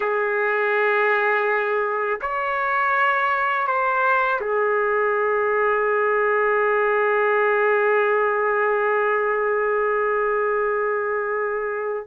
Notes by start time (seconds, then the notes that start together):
0.00 G#4
2.21 C#5
3.67 C5
4.40 G#4